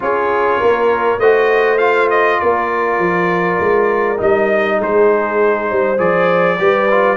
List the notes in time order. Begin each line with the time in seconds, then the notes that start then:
0.00 C#4 F4 G#4 C#5
0.60 A#3 A#4
1.19 A3 F#4 C5 D#5
1.78 F4 F5
2.10 D#5
2.40 A#3 A#4 D5
2.98 F3
3.59 G#3
4.17 G3 D#4 D#5
4.77 G#3 G#4 C5
5.68 G3 C5
5.97 F3 G#4 D5
6.58 G3 G4 B4
6.90 F4